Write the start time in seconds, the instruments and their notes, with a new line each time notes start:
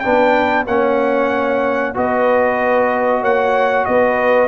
0.00 tuba B3, trombone D4, horn B4, trumpet G5
0.66 tuba A#3, trombone C#4, horn C#5, trumpet F#5
1.94 tuba B3, trombone F#4, horn B4, trumpet D#5
3.21 tuba A#3, horn C#5, trumpet F#5
3.85 tuba B3, horn B4, trumpet D#5